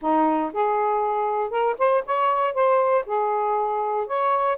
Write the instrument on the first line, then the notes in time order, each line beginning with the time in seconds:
saxophone
0.01 D#4
0.53 G#4
1.50 A#4
1.78 C5
2.06 C#5
2.54 C5
3.06 G#4
4.07 C#5